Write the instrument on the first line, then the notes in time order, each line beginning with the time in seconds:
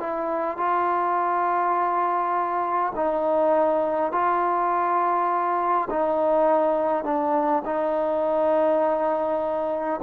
trombone
0.00 E4
0.57 F4
2.96 D#4
4.12 F4
5.90 D#4
7.04 D4
7.65 D#4